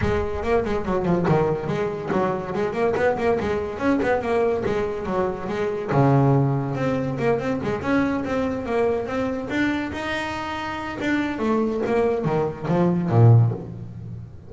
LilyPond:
\new Staff \with { instrumentName = "double bass" } { \time 4/4 \tempo 4 = 142 gis4 ais8 gis8 fis8 f8 dis4 | gis4 fis4 gis8 ais8 b8 ais8 | gis4 cis'8 b8 ais4 gis4 | fis4 gis4 cis2 |
c'4 ais8 c'8 gis8 cis'4 c'8~ | c'8 ais4 c'4 d'4 dis'8~ | dis'2 d'4 a4 | ais4 dis4 f4 ais,4 | }